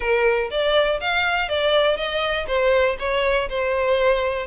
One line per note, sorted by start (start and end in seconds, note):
0.00 0.50 A#4
0.50 0.99 D5
1.00 1.49 F5
1.49 1.96 D5
1.96 2.46 D#5
2.47 2.96 C5
2.99 3.48 C#5
3.49 4.46 C5